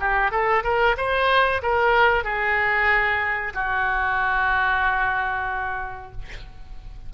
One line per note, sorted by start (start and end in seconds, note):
0.00 0.31 G4
0.31 0.64 A4
0.64 0.96 A#4
0.97 1.62 C5
1.63 2.24 A#4
2.24 3.53 G#4
3.54 6.12 F#4